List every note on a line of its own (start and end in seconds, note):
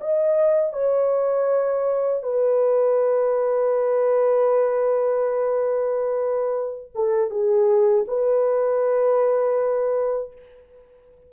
0.00 0.73 D#5
0.73 2.23 C#5
2.23 6.91 B4
6.94 7.30 A4
7.30 8.05 G#4
8.07 10.32 B4